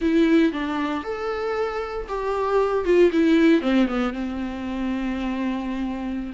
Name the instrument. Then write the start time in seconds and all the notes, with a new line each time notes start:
viola
0.01 E4
0.52 D4
1.03 A4
2.08 G4
2.84 F4
3.12 E4
3.61 C4
3.87 B3
4.13 C4